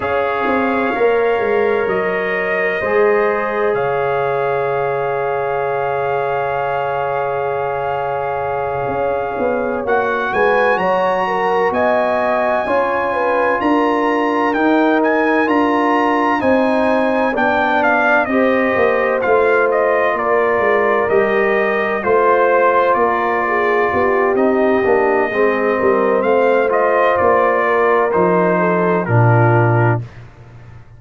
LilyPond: <<
  \new Staff \with { instrumentName = "trumpet" } { \time 4/4 \tempo 4 = 64 f''2 dis''2 | f''1~ | f''2~ f''8 fis''8 gis''8 ais''8~ | ais''8 gis''2 ais''4 g''8 |
gis''8 ais''4 gis''4 g''8 f''8 dis''8~ | dis''8 f''8 dis''8 d''4 dis''4 c''8~ | c''8 d''4. dis''2 | f''8 dis''8 d''4 c''4 ais'4 | }
  \new Staff \with { instrumentName = "horn" } { \time 4/4 cis''2. c''4 | cis''1~ | cis''2. b'8 cis''8 | ais'8 dis''4 cis''8 b'8 ais'4.~ |
ais'4. c''4 d''4 c''8~ | c''4. ais'2 c''8~ | c''8 ais'8 gis'8 g'4. gis'8 ais'8 | c''4. ais'4 a'8 f'4 | }
  \new Staff \with { instrumentName = "trombone" } { \time 4/4 gis'4 ais'2 gis'4~ | gis'1~ | gis'2~ gis'8 fis'4.~ | fis'4. f'2 dis'8~ |
dis'8 f'4 dis'4 d'4 g'8~ | g'8 f'2 g'4 f'8~ | f'2 dis'8 d'8 c'4~ | c'8 f'4. dis'4 d'4 | }
  \new Staff \with { instrumentName = "tuba" } { \time 4/4 cis'8 c'8 ais8 gis8 fis4 gis4 | cis1~ | cis4. cis'8 b8 ais8 gis8 fis8~ | fis8 b4 cis'4 d'4 dis'8~ |
dis'8 d'4 c'4 b4 c'8 | ais8 a4 ais8 gis8 g4 a8~ | a8 ais4 b8 c'8 ais8 gis8 g8 | a4 ais4 f4 ais,4 | }
>>